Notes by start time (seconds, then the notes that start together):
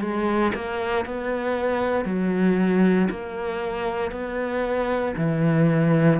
0.00 G#3
0.55 A#3
1.05 B3
2.05 F#3
3.10 A#3
4.11 B3
5.17 E3